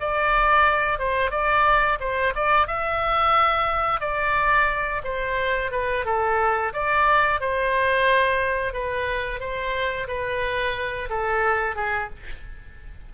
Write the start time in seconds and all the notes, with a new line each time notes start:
0.00 D5
0.99 C5
1.31 D5
2.00 C5
2.35 D5
2.67 E5
4.00 D5
5.04 C5
5.71 B4
6.05 A4
6.73 D5
7.40 C5
8.73 B4
9.40 C5
10.08 B4
11.10 A4
11.75 G#4